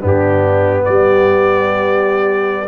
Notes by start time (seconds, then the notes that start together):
0.00 G2 B3 D4
0.07 G4
0.84 G3 G4 D5